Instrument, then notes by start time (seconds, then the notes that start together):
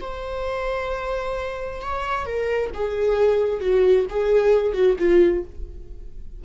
viola
0.00 C5
1.81 C#5
2.25 A#4
2.74 G#4
3.60 F#4
4.09 G#4
4.73 F#4
4.99 F4